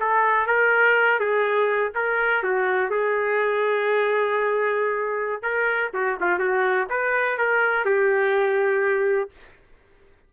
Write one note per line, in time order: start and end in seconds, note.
0.00 0.47 A4
0.47 1.19 A#4
1.19 1.92 G#4
1.95 2.43 A#4
2.43 2.90 F#4
2.90 5.42 G#4
5.42 5.91 A#4
5.94 6.18 F#4
6.20 6.39 F4
6.39 6.88 F#4
6.89 7.38 B4
7.38 7.85 A#4
7.85 9.30 G4